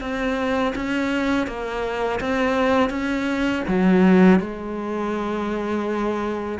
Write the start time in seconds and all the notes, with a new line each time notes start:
0.00 C4
0.75 C#4
1.46 A#3
2.20 C4
2.89 C#4
3.68 F#3
4.39 G#3